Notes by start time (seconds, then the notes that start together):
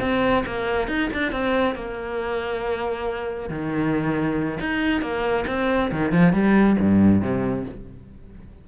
0.00 C4
0.46 A#3
0.87 D#4
1.13 D4
1.31 C4
1.74 A#3
3.49 D#3
4.59 D#4
5.01 A#3
5.47 C4
5.91 D#3
6.12 F3
6.32 G3
6.79 G2
7.21 C3